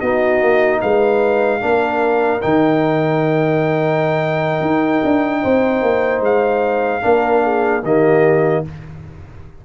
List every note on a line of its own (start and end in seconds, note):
0.00 0.42 B3
0.00 1.61 D#4
0.00 0.80 F#4
0.00 0.80 D#5
0.42 0.82 A#3
0.81 1.62 G#3
0.81 1.61 B4
0.81 2.41 F5
1.61 2.43 A#3
1.61 2.41 D4
1.61 5.42 A#4
2.42 4.61 D#3
2.42 7.02 D#4
2.42 6.22 G5
4.61 5.01 D#4
5.04 5.44 D4
5.42 5.82 C4
5.42 7.02 C5
5.82 6.21 A#3
6.21 7.01 G#3
6.21 7.84 F5
7.02 7.83 A#3
7.02 7.82 D4
7.02 7.43 A#4
7.43 7.83 G#4
7.83 8.63 D#3
7.83 8.65 A#3
7.83 8.63 G4
7.83 8.65 D#5